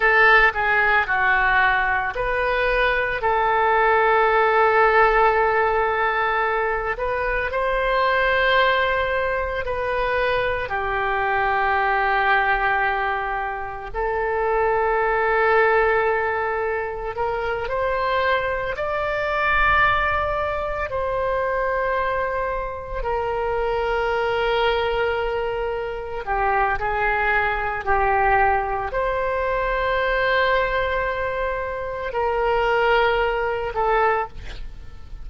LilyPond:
\new Staff \with { instrumentName = "oboe" } { \time 4/4 \tempo 4 = 56 a'8 gis'8 fis'4 b'4 a'4~ | a'2~ a'8 b'8 c''4~ | c''4 b'4 g'2~ | g'4 a'2. |
ais'8 c''4 d''2 c''8~ | c''4. ais'2~ ais'8~ | ais'8 g'8 gis'4 g'4 c''4~ | c''2 ais'4. a'8 | }